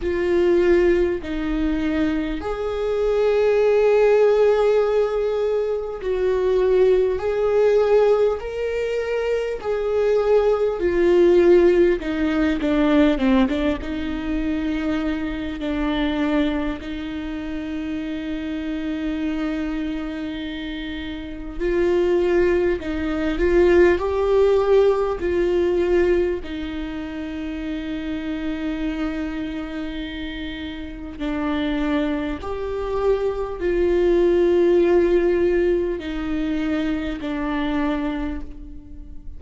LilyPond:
\new Staff \with { instrumentName = "viola" } { \time 4/4 \tempo 4 = 50 f'4 dis'4 gis'2~ | gis'4 fis'4 gis'4 ais'4 | gis'4 f'4 dis'8 d'8 c'16 d'16 dis'8~ | dis'4 d'4 dis'2~ |
dis'2 f'4 dis'8 f'8 | g'4 f'4 dis'2~ | dis'2 d'4 g'4 | f'2 dis'4 d'4 | }